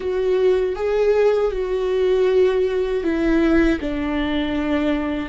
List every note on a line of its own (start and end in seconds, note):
0.00 0.75 F#4
0.75 1.51 G#4
1.51 3.03 F#4
3.03 3.79 E4
3.80 5.29 D4